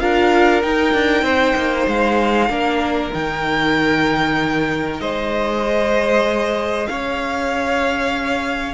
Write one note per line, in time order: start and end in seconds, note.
0.00 0.63 D4
0.00 0.62 F4
0.00 1.24 A#4
0.00 0.62 F5
0.62 2.49 D#4
0.62 0.94 D#4
0.62 1.88 G5
0.94 1.22 D4
1.22 1.53 C4
1.22 2.49 C5
1.56 1.87 A#3
1.87 2.49 G#3
1.87 3.13 F5
2.49 3.11 A#3
2.49 3.12 D4
2.49 5.01 A#4
3.13 5.00 D#3
3.13 5.63 D#4
3.13 5.01 G5
5.00 6.88 G#3
5.00 6.89 C5
5.00 6.87 D#5
5.63 8.74 G#4
6.87 8.74 C#4
6.87 8.74 C#5
6.87 8.74 F5